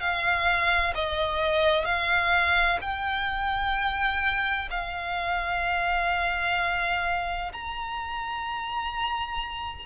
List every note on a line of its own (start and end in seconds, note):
0.00 0.94 F5
0.95 1.85 D#5
1.85 2.79 F5
2.82 4.69 G5
4.71 7.52 F5
7.53 9.86 A#5